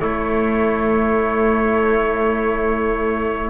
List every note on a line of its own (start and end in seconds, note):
0.00 3.50 A3
0.00 3.50 E4
0.00 3.50 C#5